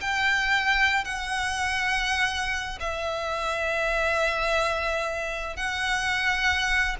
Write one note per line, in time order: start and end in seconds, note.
0.00 1.04 G5
1.04 2.79 F#5
2.80 5.56 E5
5.56 6.96 F#5